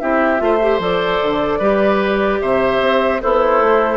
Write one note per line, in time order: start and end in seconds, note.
0.00 0.41 C4
0.00 0.38 E4
0.00 0.41 G4
0.00 0.80 E5
0.38 0.79 A3
0.38 0.58 F4
0.38 1.59 C5
0.61 0.80 G4
0.79 1.19 F3
0.79 1.60 A4
0.79 2.41 D5
1.23 1.60 D3
1.59 2.40 G3
1.59 3.20 G4
1.59 2.39 B4
2.41 2.80 C3
2.41 3.22 C5
2.41 3.21 E5
2.80 3.20 C4
3.20 3.60 B3
3.20 3.97 E4
3.20 3.97 A4
3.20 3.97 C5
3.60 3.97 A3